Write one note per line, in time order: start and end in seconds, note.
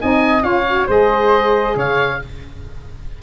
0.00 0.42 C4
0.00 0.41 D#4
0.00 0.44 D#5
0.00 0.42 G#5
0.41 0.86 C#4
0.41 0.63 F4
0.41 0.87 C#5
0.41 0.86 F5
0.67 0.88 F#4
0.87 1.75 G#3
0.87 2.19 G#4
0.87 1.75 C5
0.87 1.77 D#5
1.75 2.19 C#3
1.75 2.21 C#5
1.75 2.22 F5